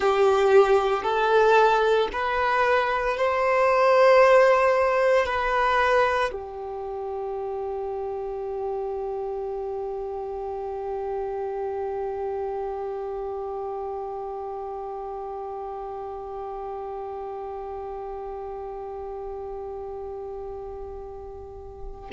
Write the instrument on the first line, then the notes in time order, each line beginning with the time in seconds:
violin
0.00 G4
1.02 A4
2.12 B4
3.17 C5
5.26 B4
6.32 G4